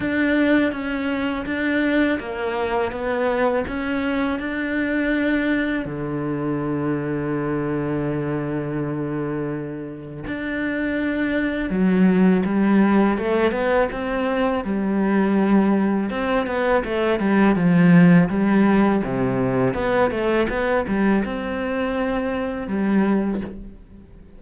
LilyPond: \new Staff \with { instrumentName = "cello" } { \time 4/4 \tempo 4 = 82 d'4 cis'4 d'4 ais4 | b4 cis'4 d'2 | d1~ | d2 d'2 |
fis4 g4 a8 b8 c'4 | g2 c'8 b8 a8 g8 | f4 g4 c4 b8 a8 | b8 g8 c'2 g4 | }